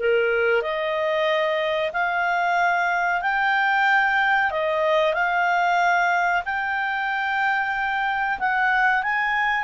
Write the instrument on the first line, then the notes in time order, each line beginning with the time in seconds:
clarinet
0.00 A#4
0.62 D#5
1.93 F5
3.22 G5
4.51 D#5
5.14 F5
6.45 G5
8.40 F#5
9.03 G#5